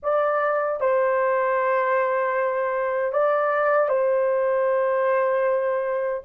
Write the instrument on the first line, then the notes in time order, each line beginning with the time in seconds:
horn
0.02 D5
0.80 C5
3.12 D5
3.89 C5